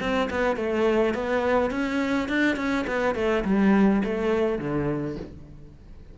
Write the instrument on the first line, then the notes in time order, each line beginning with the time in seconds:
cello
0.00 C4
0.30 B3
0.56 A3
1.14 B3
1.71 C#4
2.28 D4
2.56 C#4
2.87 B3
3.15 A3
3.45 G3
4.04 A3
4.59 D3